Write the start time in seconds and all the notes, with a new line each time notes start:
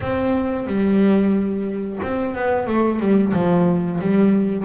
0.00 C4
0.66 G3
2.02 C4
2.35 B3
2.66 A3
2.99 G3
3.33 F3
4.00 G3